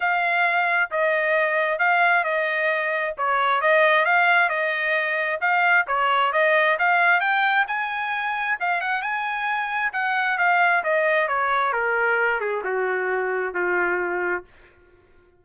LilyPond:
\new Staff \with { instrumentName = "trumpet" } { \time 4/4 \tempo 4 = 133 f''2 dis''2 | f''4 dis''2 cis''4 | dis''4 f''4 dis''2 | f''4 cis''4 dis''4 f''4 |
g''4 gis''2 f''8 fis''8 | gis''2 fis''4 f''4 | dis''4 cis''4 ais'4. gis'8 | fis'2 f'2 | }